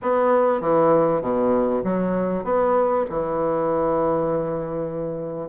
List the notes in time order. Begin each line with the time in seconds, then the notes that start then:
0.02 B3
0.61 E3
1.21 B2
1.83 F#3
2.44 B3
3.09 E3